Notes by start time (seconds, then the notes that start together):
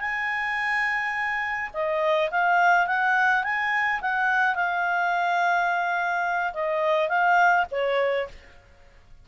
0.00 G#5
1.73 D#5
2.31 F5
2.87 F#5
3.44 G#5
4.01 F#5
4.55 F5
6.54 D#5
7.09 F5
7.71 C#5